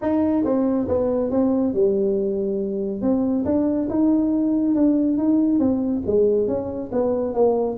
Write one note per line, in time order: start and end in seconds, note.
0.01 0.44 D#4
0.44 0.87 C4
0.88 1.30 B3
1.30 1.73 C4
1.73 3.01 G3
3.01 3.44 C4
3.45 3.88 D4
3.89 4.75 D#4
4.75 5.17 D4
5.17 5.59 D#4
5.59 6.02 C4
6.06 6.47 G#3
6.47 6.91 C#4
6.92 7.34 B3
7.34 7.77 A#3